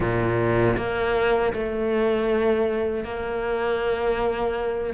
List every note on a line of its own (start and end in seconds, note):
0.00 0.76 A#2
0.76 1.52 A#3
1.53 3.03 A3
3.03 4.93 A#3